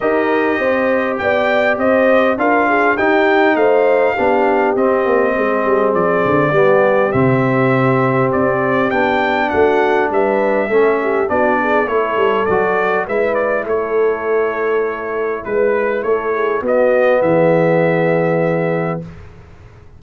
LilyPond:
<<
  \new Staff \with { instrumentName = "trumpet" } { \time 4/4 \tempo 4 = 101 dis''2 g''4 dis''4 | f''4 g''4 f''2 | dis''2 d''2 | e''2 d''4 g''4 |
fis''4 e''2 d''4 | cis''4 d''4 e''8 d''8 cis''4~ | cis''2 b'4 cis''4 | dis''4 e''2. | }
  \new Staff \with { instrumentName = "horn" } { \time 4/4 ais'4 c''4 d''4 c''4 | ais'8 gis'8 g'4 c''4 g'4~ | g'4 gis'2 g'4~ | g'1 |
fis'4 b'4 a'8 g'8 fis'8 gis'8 | a'2 b'4 a'4~ | a'2 b'4 a'8 gis'8 | fis'4 gis'2. | }
  \new Staff \with { instrumentName = "trombone" } { \time 4/4 g'1 | f'4 dis'2 d'4 | c'2. b4 | c'2. d'4~ |
d'2 cis'4 d'4 | e'4 fis'4 e'2~ | e'1 | b1 | }
  \new Staff \with { instrumentName = "tuba" } { \time 4/4 dis'4 c'4 b4 c'4 | d'4 dis'4 a4 b4 | c'8 ais8 gis8 g8 f8 d8 g4 | c2 c'4 b4 |
a4 g4 a4 b4 | a8 g8 fis4 gis4 a4~ | a2 gis4 a4 | b4 e2. | }
>>